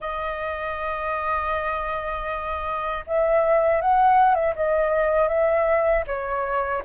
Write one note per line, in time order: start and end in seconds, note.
0.00 3.04 D#5
3.07 3.81 E5
3.81 4.35 F#5
4.35 4.54 E5
4.55 5.28 D#5
5.28 6.04 E5
6.07 6.83 C#5